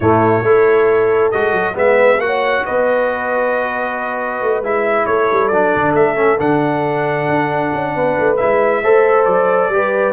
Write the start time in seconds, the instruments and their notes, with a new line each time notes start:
0.00 tuba A2, trombone A3, horn E4, trumpet C#5
0.42 tuba A3, trombone E4, horn A4
1.31 tuba G#3, trombone F#4, trumpet D#5
1.52 tuba F#3
1.74 tuba G#3, trombone B3, horn B4, trumpet E5
2.18 tuba A#3, trombone F#4, trumpet F#5
2.25 horn C#5
2.65 tuba B3, horn B4, trumpet D#5
4.41 tuba A3
4.60 tuba G#3, trombone E4, trumpet E5
5.06 tuba A3, horn A4, trumpet C#5
5.31 tuba G3
5.47 tuba F#3, trombone D4, trumpet D5
5.75 tuba D3
5.93 tuba A3, trumpet E5
6.15 trombone C#4
6.38 tuba D3, trombone D4, trumpet F#5
7.28 tuba D4
7.73 tuba C#4
7.94 tuba B3, horn B4
8.19 tuba A3
8.36 tuba G#3, trombone E4, trumpet E5
8.83 tuba A3, trombone A4, horn C5
9.25 tuba F#3, trumpet D5
9.68 tuba G3, trombone G4
9.75 horn B4